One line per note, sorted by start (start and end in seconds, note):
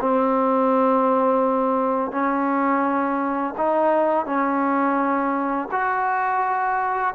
0.00 2.11 C4
2.11 3.54 C#4
3.57 4.26 D#4
4.26 5.69 C#4
5.71 7.14 F#4